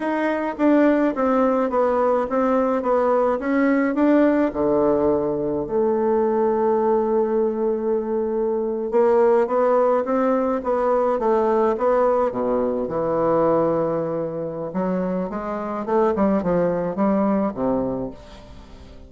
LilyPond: \new Staff \with { instrumentName = "bassoon" } { \time 4/4 \tempo 4 = 106 dis'4 d'4 c'4 b4 | c'4 b4 cis'4 d'4 | d2 a2~ | a2.~ a8. ais16~ |
ais8. b4 c'4 b4 a16~ | a8. b4 b,4 e4~ e16~ | e2 fis4 gis4 | a8 g8 f4 g4 c4 | }